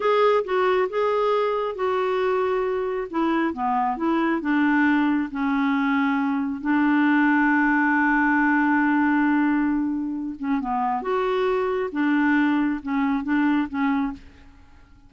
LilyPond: \new Staff \with { instrumentName = "clarinet" } { \time 4/4 \tempo 4 = 136 gis'4 fis'4 gis'2 | fis'2. e'4 | b4 e'4 d'2 | cis'2. d'4~ |
d'1~ | d'2.~ d'8 cis'8 | b4 fis'2 d'4~ | d'4 cis'4 d'4 cis'4 | }